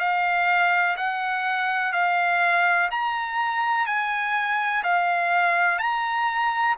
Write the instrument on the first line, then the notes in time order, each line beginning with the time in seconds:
trumpet
0.00 F5
0.97 F#5
1.93 F5
2.92 A#5
3.87 G#5
4.83 F5
5.79 A#5